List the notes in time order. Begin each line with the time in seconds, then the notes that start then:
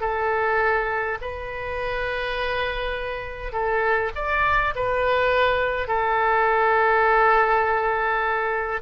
0.00 A4
1.21 B4
3.52 A4
4.15 D5
4.75 B4
5.87 A4